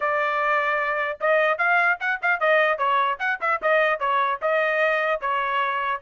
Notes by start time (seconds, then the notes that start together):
0.00 D5
1.20 D#5
1.57 F5
2.00 F#5
2.22 F5
2.40 D#5
2.78 C#5
3.19 F#5
3.40 E5
3.61 D#5
3.99 C#5
4.41 D#5
5.21 C#5